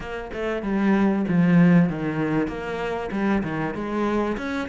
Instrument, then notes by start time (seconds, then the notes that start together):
cello
0.00 A#3
0.33 A3
0.62 G3
1.28 F3
1.89 D#3
2.47 A#3
3.11 G3
3.43 D#3
3.74 G#3
4.37 C#4